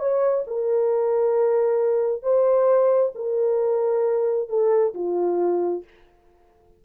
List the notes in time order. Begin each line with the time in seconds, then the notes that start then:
0.00 C#5
0.48 A#4
2.23 C5
3.15 A#4
4.49 A4
4.95 F4